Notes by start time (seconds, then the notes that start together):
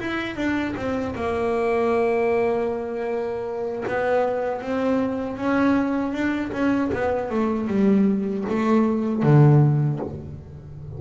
0.00 E4
0.36 D4
0.77 C4
1.16 A#3
3.88 B3
4.62 C4
5.38 C#4
6.13 D4
6.53 C#4
6.93 B3
7.31 A3
7.68 G3
8.50 A3
9.23 D3